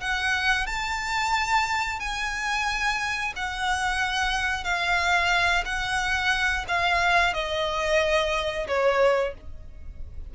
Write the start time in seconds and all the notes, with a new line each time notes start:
0.00 F#5
0.66 A5
1.99 G#5
3.35 F#5
4.64 F5
5.65 F#5
6.68 F5
7.33 D#5
8.67 C#5